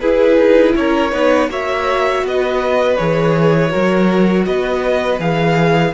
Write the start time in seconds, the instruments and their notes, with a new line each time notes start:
0.00 cello E4, viola E4, violin G#4 B4
0.37 cello D#4
0.75 cello C#4, violin A#4 C#5
1.11 cello B3, viola D#4, violin B4
1.49 cello A#3, viola F#4, violin C#5 E5
2.23 cello B3, violin B4 D#5
2.96 cello E3, viola G#4, violin C#5
3.69 cello F#3, viola F#4, violin A#4
4.45 cello B3, violin B4 D#5
5.19 cello E3, viola G#4, violin F5